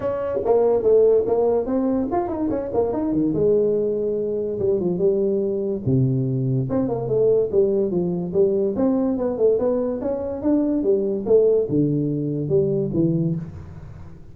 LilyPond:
\new Staff \with { instrumentName = "tuba" } { \time 4/4 \tempo 4 = 144 cis'4 ais4 a4 ais4 | c'4 f'8 dis'8 cis'8 ais8 dis'8 dis8 | gis2. g8 f8 | g2 c2 |
c'8 ais8 a4 g4 f4 | g4 c'4 b8 a8 b4 | cis'4 d'4 g4 a4 | d2 g4 e4 | }